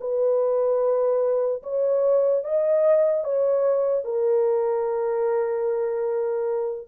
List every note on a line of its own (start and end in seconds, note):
0.00 1.62 B4
1.63 2.44 C#5
2.44 3.24 D#5
3.24 4.04 C#5
4.04 6.88 A#4